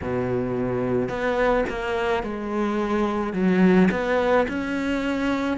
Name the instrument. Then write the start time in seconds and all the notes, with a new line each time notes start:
cello
0.02 B2
1.08 B3
1.69 A#3
2.23 G#3
3.33 F#3
3.91 B3
4.48 C#4